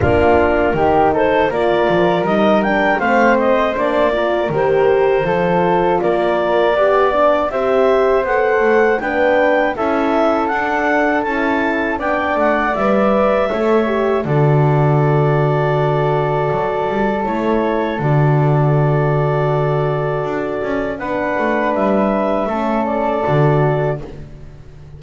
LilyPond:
<<
  \new Staff \with { instrumentName = "clarinet" } { \time 4/4 \tempo 4 = 80 ais'4. c''8 d''4 dis''8 g''8 | f''8 dis''8 d''4 c''2 | d''2 e''4 fis''4 | g''4 e''4 fis''4 a''4 |
g''8 fis''8 e''2 d''4~ | d''2. cis''4 | d''1 | fis''4 e''4. d''4. | }
  \new Staff \with { instrumentName = "flute" } { \time 4/4 f'4 g'8 a'8 ais'2 | c''4. ais'4. a'4 | ais'4 d''4 c''2 | b'4 a'2. |
d''2 cis''4 a'4~ | a'1~ | a'1 | b'2 a'2 | }
  \new Staff \with { instrumentName = "horn" } { \time 4/4 d'4 dis'4 f'4 dis'8 d'8 | c'4 d'8 f'8 g'4 f'4~ | f'4 g'8 d'8 g'4 a'4 | d'4 e'4 d'4 e'4 |
d'4 b'4 a'8 g'8 fis'4~ | fis'2. e'4 | fis'1 | d'2 cis'4 fis'4 | }
  \new Staff \with { instrumentName = "double bass" } { \time 4/4 ais4 dis4 ais8 f8 g4 | a4 ais4 dis4 f4 | ais4 b4 c'4 b8 a8 | b4 cis'4 d'4 cis'4 |
b8 a8 g4 a4 d4~ | d2 fis8 g8 a4 | d2. d'8 cis'8 | b8 a8 g4 a4 d4 | }
>>